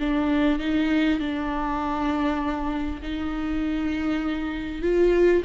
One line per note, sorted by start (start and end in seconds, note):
0.00 0.60 D4
0.60 1.20 D#4
1.20 3.02 D4
3.02 4.82 D#4
4.82 5.43 F4